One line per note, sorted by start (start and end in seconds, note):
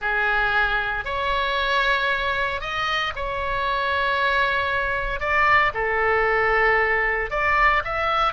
0.01 1.04 G#4
1.04 2.60 C#5
2.60 3.13 D#5
3.15 5.19 C#5
5.19 5.72 D5
5.74 7.30 A4
7.30 7.82 D5
7.84 8.33 E5